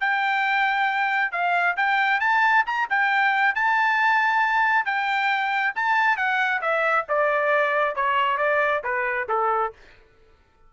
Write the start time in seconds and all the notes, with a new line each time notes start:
0.00 G5
1.31 F5
1.76 G5
2.20 A5
2.66 A#5
2.89 G5
3.54 A5
4.85 G5
5.75 A5
6.16 F#5
6.61 E5
7.08 D5
7.95 C#5
8.37 D5
8.84 B4
9.28 A4